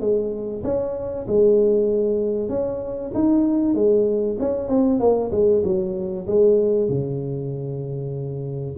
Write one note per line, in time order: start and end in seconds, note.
0.00 0.62 G#3
0.63 1.26 C#4
1.27 2.49 G#3
2.49 3.11 C#4
3.14 3.74 D#4
3.74 4.37 G#3
4.39 4.68 C#4
4.68 4.99 C4
4.99 5.31 A#3
5.31 5.62 G#3
5.64 6.26 F#3
6.27 6.89 G#3
6.89 8.76 C#3